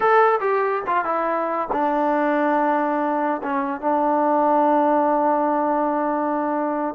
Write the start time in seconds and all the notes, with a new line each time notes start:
0.00 A4
0.40 G4
0.86 F4
1.04 E4
1.72 D4
3.42 C#4
3.80 D4